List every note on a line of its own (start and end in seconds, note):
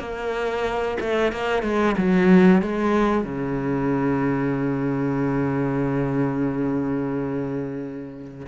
0.00 0.98 A#3
1.00 1.33 A3
1.33 1.63 A#3
1.63 1.96 G#3
1.98 2.62 F#3
2.62 3.25 G#3
3.25 8.46 C#3